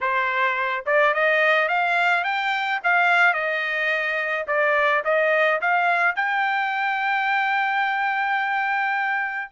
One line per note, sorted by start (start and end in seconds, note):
0.00 0.84 C5
0.86 1.14 D5
1.14 1.68 D#5
1.68 2.24 F5
2.24 2.80 G5
2.83 3.33 F5
3.33 4.45 D#5
4.47 5.03 D5
5.04 5.60 D#5
5.61 6.15 F5
6.15 9.51 G5